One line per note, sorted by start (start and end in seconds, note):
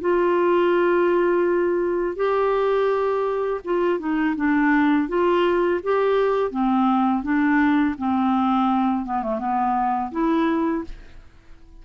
0.00 2.16 F4
2.16 3.60 G4
3.64 3.99 F4
3.99 4.35 D#4
4.36 5.08 D4
5.08 5.80 F4
5.83 6.51 G4
6.51 7.23 C4
7.23 7.95 D4
7.98 9.05 C4
9.05 9.22 B3
9.22 9.39 A3
9.39 10.11 B3
10.11 10.84 E4